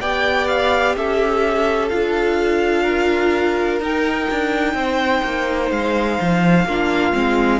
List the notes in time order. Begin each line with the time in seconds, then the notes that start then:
0.00 B3 G4 D5 G5
0.47 F5
0.95 C#4 A4 E5
1.88 D4 F4 F5
2.82 A#4
3.80 D#4 G5
4.30 D4
4.73 C4 C5
5.23 A#3
5.70 G#3 F5
6.20 F3
6.65 A#3 D4 F4
7.13 G#3 C4